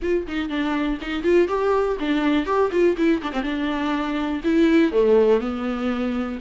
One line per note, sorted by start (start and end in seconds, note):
0.02 0.26 F4
0.27 0.49 D#4
0.49 0.98 D4
1.01 1.23 D#4
1.23 1.48 F4
1.48 1.97 G4
1.99 2.46 D4
2.46 2.70 G4
2.71 2.96 F4
2.97 3.21 E4
3.22 3.32 D4
3.32 3.42 C4
3.42 4.41 D4
4.44 4.92 E4
4.92 5.40 A3
5.40 6.38 B3